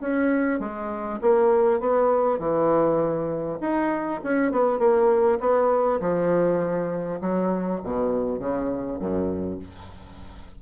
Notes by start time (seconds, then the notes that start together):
0.00 C#4
0.59 G#3
1.21 A#3
1.80 B3
2.38 E3
3.60 D#4
4.23 C#4
4.51 B3
4.78 A#3
5.40 B3
6.00 F3
7.21 F#3
7.83 B2
8.39 C#3
8.99 F#2